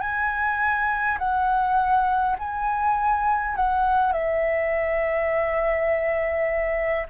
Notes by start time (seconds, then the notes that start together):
0.00 G#5
1.19 F#5
2.39 G#5
3.56 F#5
4.12 E5